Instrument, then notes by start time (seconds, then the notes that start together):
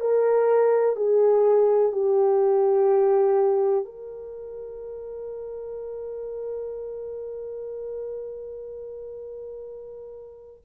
horn
0.00 A#4
0.95 G#4
1.92 G4
3.84 A#4